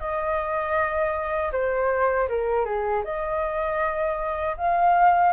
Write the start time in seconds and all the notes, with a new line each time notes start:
0.00 D#5
1.53 C5
2.29 A#4
2.65 G#4
3.04 D#5
4.57 F5